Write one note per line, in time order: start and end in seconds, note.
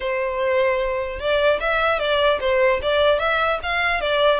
0.00 1.19 C5
1.19 1.59 D5
1.60 1.99 E5
1.99 2.39 D5
2.40 2.80 C5
2.82 3.19 D5
3.19 3.59 E5
3.62 4.01 F5
4.01 4.40 D5